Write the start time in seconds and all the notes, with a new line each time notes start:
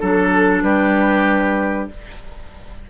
0.00 F#3 D4 A4
0.62 G3 G4 B4